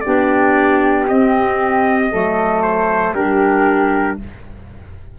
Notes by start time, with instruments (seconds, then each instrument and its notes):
0.00 tuba B3, clarinet D4, flute G4, trumpet D5
1.08 clarinet C4, tuba C4, trumpet D#5
2.11 tuba F#3, clarinet A3, flute A4
2.62 trumpet C5
3.13 tuba G3, clarinet D4, flute G4, trumpet A#4